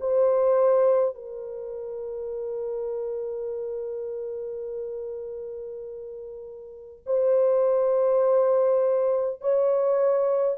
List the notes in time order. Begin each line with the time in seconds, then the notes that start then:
0.00 C5
1.15 A#4
7.06 C5
9.41 C#5